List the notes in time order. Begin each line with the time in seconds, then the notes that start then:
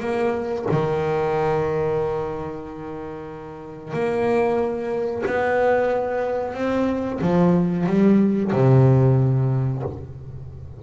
0.00 A#3
0.71 D#3
3.93 A#3
5.26 B3
6.54 C4
7.21 F3
7.86 G3
8.53 C3